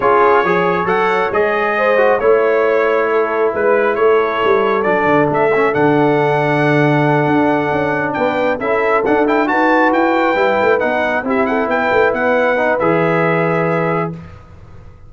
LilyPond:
<<
  \new Staff \with { instrumentName = "trumpet" } { \time 4/4 \tempo 4 = 136 cis''2 fis''4 dis''4~ | dis''4 cis''2. | b'4 cis''2 d''4 | e''4 fis''2.~ |
fis''2~ fis''8 g''4 e''8~ | e''8 fis''8 g''8 a''4 g''4.~ | g''8 fis''4 e''8 fis''8 g''4 fis''8~ | fis''4 e''2. | }
  \new Staff \with { instrumentName = "horn" } { \time 4/4 gis'4 cis''2. | c''4 cis''2 a'4 | b'4 a'2.~ | a'1~ |
a'2~ a'8 b'4 a'8~ | a'4. b'2~ b'8~ | b'4. g'8 a'8 b'4.~ | b'1 | }
  \new Staff \with { instrumentName = "trombone" } { \time 4/4 f'4 gis'4 a'4 gis'4~ | gis'8 fis'8 e'2.~ | e'2. d'4~ | d'8 cis'8 d'2.~ |
d'2.~ d'8 e'8~ | e'8 d'8 e'8 fis'2 e'8~ | e'8 dis'4 e'2~ e'8~ | e'8 dis'8 gis'2. | }
  \new Staff \with { instrumentName = "tuba" } { \time 4/4 cis'4 f4 fis4 gis4~ | gis4 a2. | gis4 a4 g4 fis8 d8 | a4 d2.~ |
d8 d'4 cis'4 b4 cis'8~ | cis'8 d'4 dis'4 e'4 g8 | a8 b4 c'4 b8 a8 b8~ | b4 e2. | }
>>